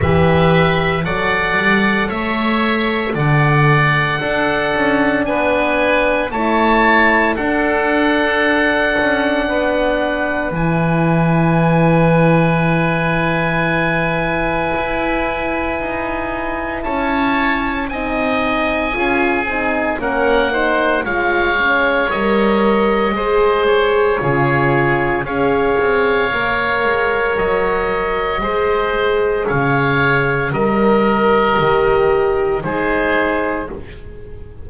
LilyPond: <<
  \new Staff \with { instrumentName = "oboe" } { \time 4/4 \tempo 4 = 57 e''4 fis''4 e''4 fis''4~ | fis''4 gis''4 a''4 fis''4~ | fis''2 gis''2~ | gis''1 |
a''4 gis''2 fis''4 | f''4 dis''4. cis''4. | f''2 dis''2 | f''4 dis''2 c''4 | }
  \new Staff \with { instrumentName = "oboe" } { \time 4/4 b'4 d''4 cis''4 d''4 | a'4 b'4 cis''4 a'4~ | a'4 b'2.~ | b'1 |
cis''4 dis''4 gis'4 ais'8 c''8 | cis''2 c''4 gis'4 | cis''2. c''4 | cis''4 ais'2 gis'4 | }
  \new Staff \with { instrumentName = "horn" } { \time 4/4 g'4 a'2. | d'2 e'4 d'4~ | d'2 e'2~ | e'1~ |
e'4 dis'4 f'8 dis'8 cis'8 dis'8 | f'8 cis'8 ais'4 gis'4 f'4 | gis'4 ais'2 gis'4~ | gis'4 ais'4 g'4 dis'4 | }
  \new Staff \with { instrumentName = "double bass" } { \time 4/4 e4 fis8 g8 a4 d4 | d'8 cis'8 b4 a4 d'4~ | d'8 cis'8 b4 e2~ | e2 e'4 dis'4 |
cis'4 c'4 cis'8 c'8 ais4 | gis4 g4 gis4 cis4 | cis'8 c'8 ais8 gis8 fis4 gis4 | cis4 g4 dis4 gis4 | }
>>